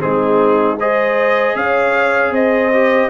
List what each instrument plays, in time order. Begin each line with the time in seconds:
0.00 tuba G#3, trombone C4, horn D#4, trumpet G#4
0.79 trombone G#4, horn C5, trumpet D#5
1.56 tuba C#4, horn C#5, trumpet F5
2.31 tuba C4, horn C5, trumpet D#5
2.74 trombone G4